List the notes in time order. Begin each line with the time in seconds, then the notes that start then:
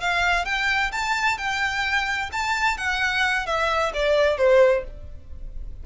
0.00 F5
0.45 G5
0.92 A5
1.38 G5
2.32 A5
2.77 F#5
3.46 E5
3.94 D5
4.37 C5